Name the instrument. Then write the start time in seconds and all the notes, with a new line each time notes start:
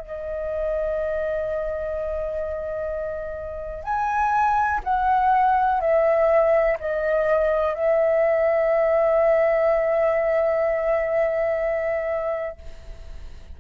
flute
0.00 D#5
3.84 G#5
4.84 F#5
5.81 E5
6.80 D#5
7.74 E5